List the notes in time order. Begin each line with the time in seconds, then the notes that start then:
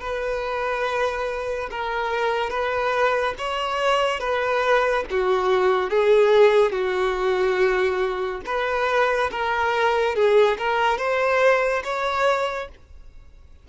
0.00 B4
1.71 A#4
2.50 B4
3.38 C#5
4.20 B4
5.10 F#4
5.90 G#4
6.72 F#4
8.45 B4
9.31 A#4
10.15 G#4
10.58 A#4
10.98 C5
11.83 C#5